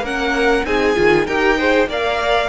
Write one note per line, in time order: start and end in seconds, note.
0.00 0.62 A#3
0.00 0.66 C#4
0.00 0.65 A#4
0.00 0.65 F#5
0.64 0.95 C4
0.64 0.95 D#4
0.64 1.27 G#4
0.64 1.27 G#5
0.95 1.27 D#3
0.95 1.26 F4
1.27 1.86 D#4
1.27 1.59 G4
1.27 1.57 A#4
1.27 1.88 G5
1.57 1.89 G#4
1.57 1.88 C5
1.86 2.48 A#3
1.86 2.49 A#4
1.86 2.49 D5
1.86 2.49 F5